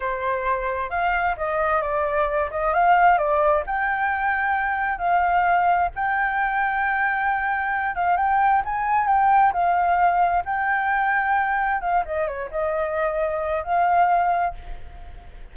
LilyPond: \new Staff \with { instrumentName = "flute" } { \time 4/4 \tempo 4 = 132 c''2 f''4 dis''4 | d''4. dis''8 f''4 d''4 | g''2. f''4~ | f''4 g''2.~ |
g''4. f''8 g''4 gis''4 | g''4 f''2 g''4~ | g''2 f''8 dis''8 cis''8 dis''8~ | dis''2 f''2 | }